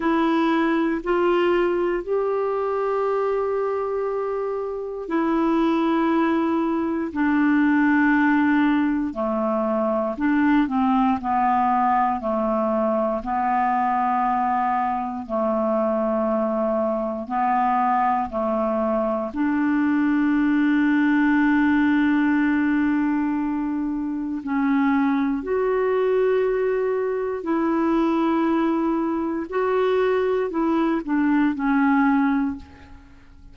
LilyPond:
\new Staff \with { instrumentName = "clarinet" } { \time 4/4 \tempo 4 = 59 e'4 f'4 g'2~ | g'4 e'2 d'4~ | d'4 a4 d'8 c'8 b4 | a4 b2 a4~ |
a4 b4 a4 d'4~ | d'1 | cis'4 fis'2 e'4~ | e'4 fis'4 e'8 d'8 cis'4 | }